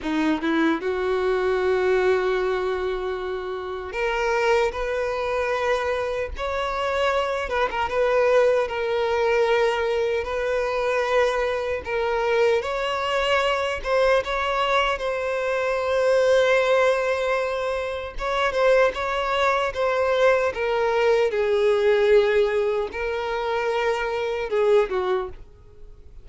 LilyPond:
\new Staff \with { instrumentName = "violin" } { \time 4/4 \tempo 4 = 76 dis'8 e'8 fis'2.~ | fis'4 ais'4 b'2 | cis''4. b'16 ais'16 b'4 ais'4~ | ais'4 b'2 ais'4 |
cis''4. c''8 cis''4 c''4~ | c''2. cis''8 c''8 | cis''4 c''4 ais'4 gis'4~ | gis'4 ais'2 gis'8 fis'8 | }